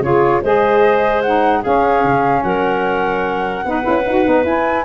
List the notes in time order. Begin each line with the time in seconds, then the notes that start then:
0.00 C#3 F4 G#4 C#5
0.42 G#3 G#4 C5 D#5
1.22 D#4 F#5
1.61 C#4 G#4 F5
2.04 C#3
2.43 F#3 A#4 F#5
3.65 B3 D#4 B4
3.82 C#4 E4
4.06 D#4 F#4
4.24 B3 D#4
4.44 E4 G#5